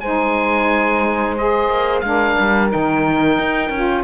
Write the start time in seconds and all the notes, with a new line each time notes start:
0.00 G#3 D#4 C5 G#5
1.37 G#4 D#5
1.68 A#3
2.00 G#3 D4 A#4 F5
2.39 G3
2.69 D#3 D#4 G5
3.39 D#4
3.69 C#4
3.76 F4